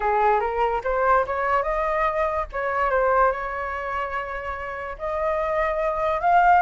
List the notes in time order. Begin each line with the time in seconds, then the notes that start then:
0.00 G#4
0.39 A#4
0.84 C5
1.26 C#5
1.62 D#5
2.52 C#5
2.90 C5
3.31 C#5
4.98 D#5
6.21 F5